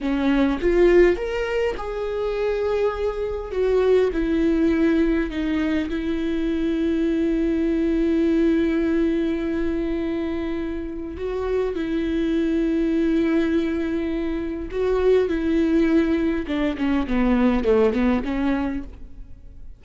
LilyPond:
\new Staff \with { instrumentName = "viola" } { \time 4/4 \tempo 4 = 102 cis'4 f'4 ais'4 gis'4~ | gis'2 fis'4 e'4~ | e'4 dis'4 e'2~ | e'1~ |
e'2. fis'4 | e'1~ | e'4 fis'4 e'2 | d'8 cis'8 b4 a8 b8 cis'4 | }